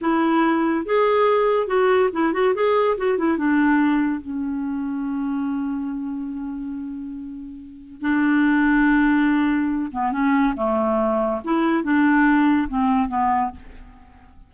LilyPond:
\new Staff \with { instrumentName = "clarinet" } { \time 4/4 \tempo 4 = 142 e'2 gis'2 | fis'4 e'8 fis'8 gis'4 fis'8 e'8 | d'2 cis'2~ | cis'1~ |
cis'2. d'4~ | d'2.~ d'8 b8 | cis'4 a2 e'4 | d'2 c'4 b4 | }